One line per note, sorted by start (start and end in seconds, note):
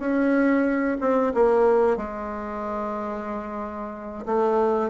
0.00 0.98 C#4
1.01 1.34 C4
1.35 1.97 A#3
1.97 4.26 G#3
4.26 4.91 A3